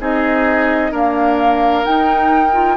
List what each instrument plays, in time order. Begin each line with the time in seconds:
0.00 bassoon C4, clarinet D#4, oboe G#4, flute D#5
0.92 clarinet A#3, bassoon D4, oboe A#4, flute F5
1.85 clarinet D#4, bassoon D#4, flute G5
2.53 clarinet F4